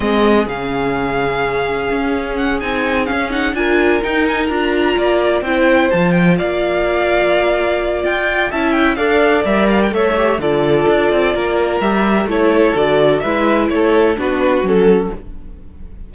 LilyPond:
<<
  \new Staff \with { instrumentName = "violin" } { \time 4/4 \tempo 4 = 127 dis''4 f''2.~ | f''4 fis''8 gis''4 f''8 fis''8 gis''8~ | gis''8 g''8 gis''8 ais''2 g''8~ | g''8 a''8 g''8 f''2~ f''8~ |
f''4 g''4 a''8 g''8 f''4 | e''8 f''16 g''16 e''4 d''2~ | d''4 e''4 cis''4 d''4 | e''4 cis''4 b'4 a'4 | }
  \new Staff \with { instrumentName = "violin" } { \time 4/4 gis'1~ | gis'2.~ gis'8 ais'8~ | ais'2~ ais'8 d''4 c''8~ | c''4. d''2~ d''8~ |
d''2 e''4 d''4~ | d''4 cis''4 a'2 | ais'2 a'2 | b'4 a'4 fis'2 | }
  \new Staff \with { instrumentName = "viola" } { \time 4/4 c'4 cis'2.~ | cis'4. dis'4 cis'8 dis'8 f'8~ | f'8 dis'4 f'2 e'8~ | e'8 f'2.~ f'8~ |
f'2 e'4 a'4 | ais'4 a'8 g'8 f'2~ | f'4 g'4 e'4 fis'4 | e'2 d'4 cis'4 | }
  \new Staff \with { instrumentName = "cello" } { \time 4/4 gis4 cis2. | cis'4. c'4 cis'4 d'8~ | d'8 dis'4 d'4 ais4 c'8~ | c'8 f4 ais2~ ais8~ |
ais4 f'4 cis'4 d'4 | g4 a4 d4 d'8 c'8 | ais4 g4 a4 d4 | gis4 a4 b4 fis4 | }
>>